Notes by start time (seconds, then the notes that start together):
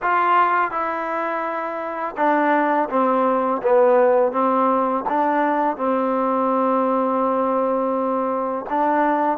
0.02 F4
0.71 E4
2.16 D4
2.89 C4
3.62 B3
4.32 C4
5.09 D4
5.76 C4
8.69 D4